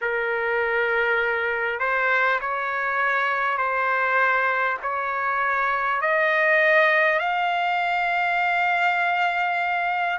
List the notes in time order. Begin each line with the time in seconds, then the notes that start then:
0.01 A#4
1.79 C5
2.41 C#5
3.57 C5
4.82 C#5
6.01 D#5
7.19 F5